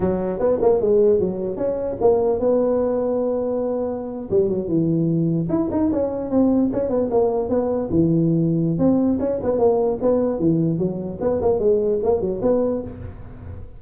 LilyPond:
\new Staff \with { instrumentName = "tuba" } { \time 4/4 \tempo 4 = 150 fis4 b8 ais8 gis4 fis4 | cis'4 ais4 b2~ | b2~ b8. g8 fis8 e16~ | e4.~ e16 e'8 dis'8 cis'4 c'16~ |
c'8. cis'8 b8 ais4 b4 e16~ | e2 c'4 cis'8 b8 | ais4 b4 e4 fis4 | b8 ais8 gis4 ais8 fis8 b4 | }